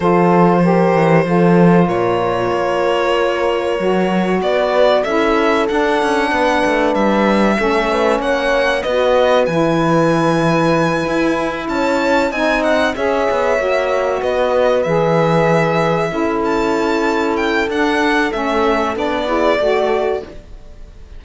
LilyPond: <<
  \new Staff \with { instrumentName = "violin" } { \time 4/4 \tempo 4 = 95 c''2. cis''4~ | cis''2. d''4 | e''4 fis''2 e''4~ | e''4 fis''4 dis''4 gis''4~ |
gis''2~ gis''8 a''4 gis''8 | fis''8 e''2 dis''4 e''8~ | e''2 a''4. g''8 | fis''4 e''4 d''2 | }
  \new Staff \with { instrumentName = "horn" } { \time 4/4 a'4 ais'4 a'4 ais'4~ | ais'2. b'4 | a'2 b'2 | a'8 b'8 cis''4 b'2~ |
b'2~ b'8 cis''4 dis''8~ | dis''8 cis''2 b'4.~ | b'4. a'2~ a'8~ | a'2~ a'8 gis'8 a'4 | }
  \new Staff \with { instrumentName = "saxophone" } { \time 4/4 f'4 g'4 f'2~ | f'2 fis'2 | e'4 d'2. | cis'2 fis'4 e'4~ |
e'2.~ e'8 dis'8~ | dis'8 gis'4 fis'2 gis'8~ | gis'4. e'2~ e'8 | d'4 cis'4 d'8 e'8 fis'4 | }
  \new Staff \with { instrumentName = "cello" } { \time 4/4 f4. e8 f4 ais,4 | ais2 fis4 b4 | cis'4 d'8 cis'8 b8 a8 g4 | a4 ais4 b4 e4~ |
e4. e'4 cis'4 c'8~ | c'8 cis'8 b8 ais4 b4 e8~ | e4. cis'2~ cis'8 | d'4 a4 b4 a4 | }
>>